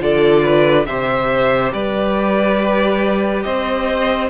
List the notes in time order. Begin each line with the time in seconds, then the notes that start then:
0.00 D3 F4 A4 D5
0.43 B4
0.86 C3 G4 C5 E5
1.73 G3 B4 D5
3.43 C4 C5 D#5